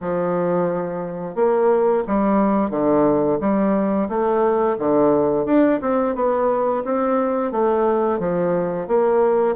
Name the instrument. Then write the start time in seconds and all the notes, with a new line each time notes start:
bassoon
0.01 F3
1.35 A#3
2.07 G3
2.70 D3
3.40 G3
4.08 A3
4.78 D3
5.45 D4
5.81 C4
6.15 B3
6.84 C4
7.51 A3
8.19 F3
8.87 A#3